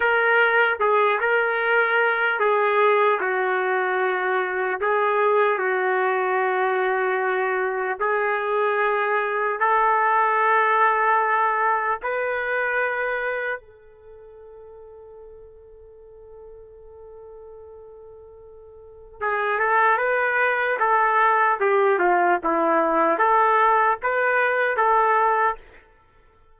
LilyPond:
\new Staff \with { instrumentName = "trumpet" } { \time 4/4 \tempo 4 = 75 ais'4 gis'8 ais'4. gis'4 | fis'2 gis'4 fis'4~ | fis'2 gis'2 | a'2. b'4~ |
b'4 a'2.~ | a'1 | gis'8 a'8 b'4 a'4 g'8 f'8 | e'4 a'4 b'4 a'4 | }